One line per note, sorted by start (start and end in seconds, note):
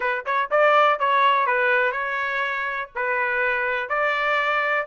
0.00 0.24 B4
0.25 0.50 C#5
0.51 0.99 D5
0.99 1.46 C#5
1.46 1.92 B4
1.92 2.89 C#5
2.95 3.89 B4
3.89 4.86 D5